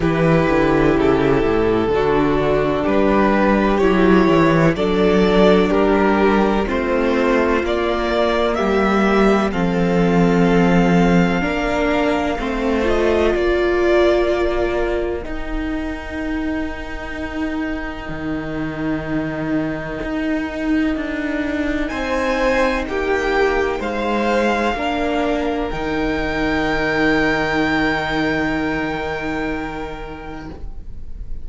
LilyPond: <<
  \new Staff \with { instrumentName = "violin" } { \time 4/4 \tempo 4 = 63 b'4 a'2 b'4 | cis''4 d''4 ais'4 c''4 | d''4 e''4 f''2~ | f''4. dis''8 d''2 |
g''1~ | g''2. gis''4 | g''4 f''2 g''4~ | g''1 | }
  \new Staff \with { instrumentName = "violin" } { \time 4/4 g'2 fis'4 g'4~ | g'4 a'4 g'4 f'4~ | f'4 g'4 a'2 | ais'4 c''4 ais'2~ |
ais'1~ | ais'2. c''4 | g'4 c''4 ais'2~ | ais'1 | }
  \new Staff \with { instrumentName = "viola" } { \time 4/4 e'2 d'2 | e'4 d'2 c'4 | ais2 c'2 | d'4 c'8 f'2~ f'8 |
dis'1~ | dis'1~ | dis'2 d'4 dis'4~ | dis'1 | }
  \new Staff \with { instrumentName = "cello" } { \time 4/4 e8 d8 cis8 a,8 d4 g4 | fis8 e8 fis4 g4 a4 | ais4 g4 f2 | ais4 a4 ais2 |
dis'2. dis4~ | dis4 dis'4 d'4 c'4 | ais4 gis4 ais4 dis4~ | dis1 | }
>>